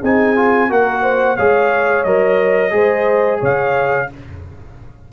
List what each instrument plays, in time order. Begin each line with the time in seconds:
0.00 tuba C4, trombone D#4, horn G#4, trumpet G#5
0.36 trombone F4
0.68 tuba A#3, trombone F#4, horn A#4, trumpet F#5
1.02 horn C5
1.36 tuba G#3, trombone G#4, horn C#5, trumpet F5
2.03 tuba F#3, trombone A#4, trumpet D#5
2.70 tuba G#3, trombone G#4, horn C5
3.40 tuba C#3, horn C#5, trumpet F5